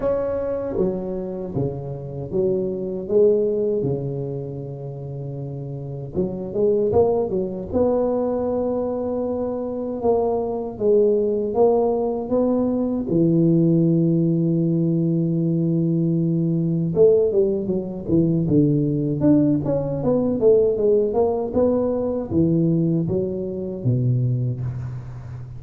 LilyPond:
\new Staff \with { instrumentName = "tuba" } { \time 4/4 \tempo 4 = 78 cis'4 fis4 cis4 fis4 | gis4 cis2. | fis8 gis8 ais8 fis8 b2~ | b4 ais4 gis4 ais4 |
b4 e2.~ | e2 a8 g8 fis8 e8 | d4 d'8 cis'8 b8 a8 gis8 ais8 | b4 e4 fis4 b,4 | }